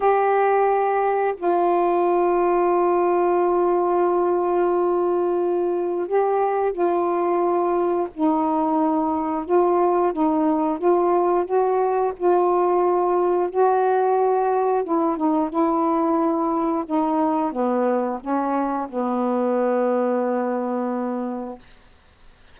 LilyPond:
\new Staff \with { instrumentName = "saxophone" } { \time 4/4 \tempo 4 = 89 g'2 f'2~ | f'1~ | f'4 g'4 f'2 | dis'2 f'4 dis'4 |
f'4 fis'4 f'2 | fis'2 e'8 dis'8 e'4~ | e'4 dis'4 b4 cis'4 | b1 | }